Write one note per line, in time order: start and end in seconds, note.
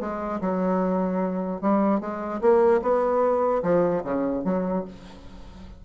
0.00 0.40 G#3
0.41 1.61 F#3
1.61 2.00 G3
2.00 2.41 G#3
2.41 2.81 A#3
2.82 3.62 B3
3.63 4.03 F3
4.04 4.44 C#3
4.44 4.85 F#3